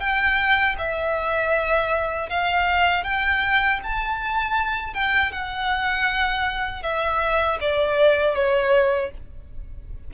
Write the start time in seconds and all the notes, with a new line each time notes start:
0.00 G5
0.78 E5
2.30 F5
3.04 G5
3.83 A5
4.94 G5
5.32 F#5
6.83 E5
7.61 D5
8.35 C#5